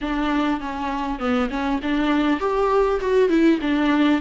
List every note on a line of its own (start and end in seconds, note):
0.01 0.60 D4
0.60 1.19 C#4
1.19 1.49 B3
1.50 1.80 C#4
1.82 2.40 D4
2.40 3.00 G4
3.00 3.29 F#4
3.29 3.59 E4
3.61 4.21 D4